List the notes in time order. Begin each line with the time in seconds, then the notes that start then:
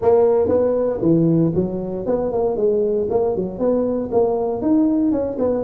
0.01 A#3
0.48 B3
1.01 E3
1.54 F#3
2.06 B3
2.31 A#3
2.56 G#3
3.09 A#3
3.35 F#3
3.58 B3
4.11 A#3
4.61 D#4
5.11 C#4
5.38 B3